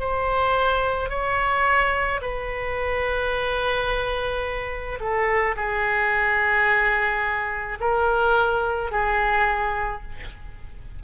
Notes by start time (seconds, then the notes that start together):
0.00 C5
1.10 C#5
2.21 B4
5.00 A4
5.56 G#4
7.80 A#4
8.91 G#4